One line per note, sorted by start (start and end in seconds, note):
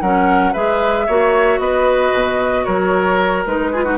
0.00 0.54 F#3
0.00 0.54 C#4
0.00 0.53 A#4
0.00 0.53 F#5
0.53 1.08 G#3
0.53 1.07 G#4
0.53 1.06 B4
0.53 1.59 E5
1.06 1.59 A#3
1.06 3.47 F#4
1.06 1.60 C#5
1.59 2.12 B3
1.59 2.65 B4
1.59 2.64 D#5
2.13 2.66 B2
2.64 3.45 F#3
2.64 3.71 A#4
2.64 3.43 C#5
3.45 3.98 G#3
3.45 3.73 D#4
3.45 3.98 B4
3.71 3.85 F4
3.71 3.84 G#4
3.84 3.98 D#4
3.84 3.97 F#4